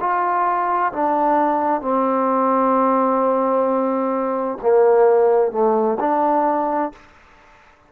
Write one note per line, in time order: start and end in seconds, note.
0.00 0.92 F4
0.92 1.81 D4
1.81 4.58 C4
4.62 5.52 A#3
5.52 5.98 A3
6.00 6.92 D4